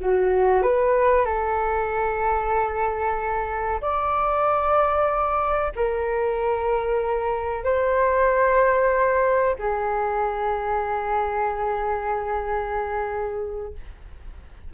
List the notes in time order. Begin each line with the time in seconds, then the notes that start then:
0.00 F#4
0.62 B4
1.25 A4
3.81 D5
5.76 A#4
7.64 C5
9.59 G#4